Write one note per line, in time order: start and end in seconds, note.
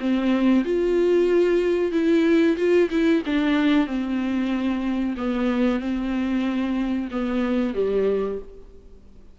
0.00 0.65 C4
0.65 1.92 F4
1.92 2.57 E4
2.58 2.90 F4
2.91 3.23 E4
3.26 3.87 D4
3.87 5.16 C4
5.18 5.80 B3
5.80 7.09 C4
7.11 7.75 B3
7.75 8.39 G3